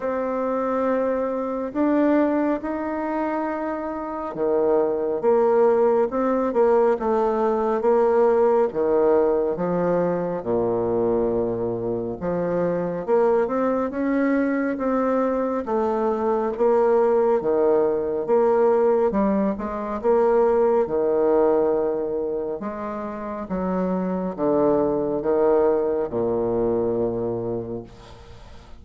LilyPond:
\new Staff \with { instrumentName = "bassoon" } { \time 4/4 \tempo 4 = 69 c'2 d'4 dis'4~ | dis'4 dis4 ais4 c'8 ais8 | a4 ais4 dis4 f4 | ais,2 f4 ais8 c'8 |
cis'4 c'4 a4 ais4 | dis4 ais4 g8 gis8 ais4 | dis2 gis4 fis4 | d4 dis4 ais,2 | }